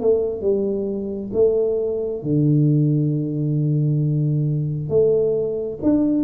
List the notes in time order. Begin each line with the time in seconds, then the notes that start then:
0.00 A3
0.41 G3
1.33 A3
2.22 D3
4.89 A3
5.82 D4